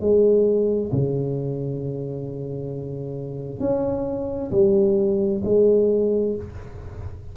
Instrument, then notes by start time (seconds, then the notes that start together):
tuba
0.00 G#3
0.92 C#3
3.60 C#4
4.51 G3
5.44 G#3